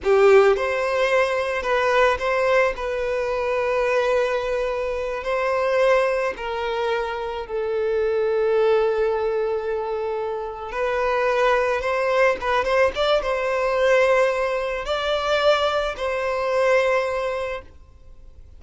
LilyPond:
\new Staff \with { instrumentName = "violin" } { \time 4/4 \tempo 4 = 109 g'4 c''2 b'4 | c''4 b'2.~ | b'4. c''2 ais'8~ | ais'4. a'2~ a'8~ |
a'2.~ a'8 b'8~ | b'4. c''4 b'8 c''8 d''8 | c''2. d''4~ | d''4 c''2. | }